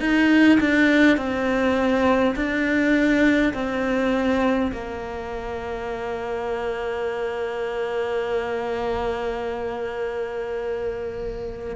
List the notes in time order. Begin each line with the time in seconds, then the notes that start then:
0.00 D#4
0.60 D4
1.17 C4
2.35 D4
3.53 C4
4.72 A#3